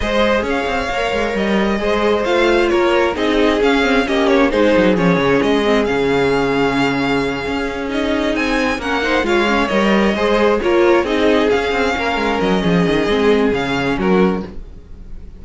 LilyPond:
<<
  \new Staff \with { instrumentName = "violin" } { \time 4/4 \tempo 4 = 133 dis''4 f''2 dis''4~ | dis''4 f''4 cis''4 dis''4 | f''4 dis''8 cis''8 c''4 cis''4 | dis''4 f''2.~ |
f''4. dis''4 gis''4 fis''8~ | fis''8 f''4 dis''2 cis''8~ | cis''8 dis''4 f''2 dis''8~ | dis''2 f''4 ais'4 | }
  \new Staff \with { instrumentName = "violin" } { \time 4/4 c''4 cis''2. | c''2 ais'4 gis'4~ | gis'4 g'4 gis'2~ | gis'1~ |
gis'2.~ gis'8 ais'8 | c''8 cis''2 c''4 ais'8~ | ais'8 gis'2 ais'4. | gis'2. fis'4 | }
  \new Staff \with { instrumentName = "viola" } { \time 4/4 gis'2 ais'2 | gis'4 f'2 dis'4 | cis'8 c'8 cis'4 dis'4 cis'4~ | cis'8 c'8 cis'2.~ |
cis'4. dis'2 cis'8 | dis'8 f'8 cis'8 ais'4 gis'4 f'8~ | f'8 dis'4 cis'2~ cis'8~ | cis'4 c'4 cis'2 | }
  \new Staff \with { instrumentName = "cello" } { \time 4/4 gis4 cis'8 c'8 ais8 gis8 g4 | gis4 a4 ais4 c'4 | cis'4 ais4 gis8 fis8 f8 cis8 | gis4 cis2.~ |
cis8 cis'2 c'4 ais8~ | ais8 gis4 g4 gis4 ais8~ | ais8 c'4 cis'8 c'8 ais8 gis8 fis8 | f8 dis8 gis4 cis4 fis4 | }
>>